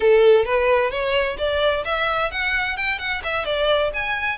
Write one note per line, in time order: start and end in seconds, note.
0.00 0.45 A4
0.45 0.90 B4
0.90 1.36 C#5
1.37 1.84 D5
1.85 2.31 E5
2.31 2.77 F#5
2.77 2.99 G5
2.99 3.22 F#5
3.23 3.45 E5
3.45 3.91 D5
3.93 4.38 G#5